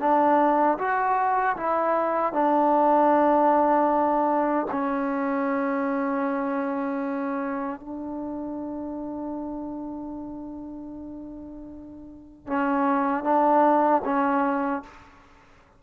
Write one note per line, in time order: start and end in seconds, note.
0.00 0.78 D4
0.78 1.56 F#4
1.57 2.33 E4
2.33 4.66 D4
4.71 7.80 C#4
7.80 12.47 D4
12.47 13.24 C#4
13.24 14.02 D4
14.05 14.83 C#4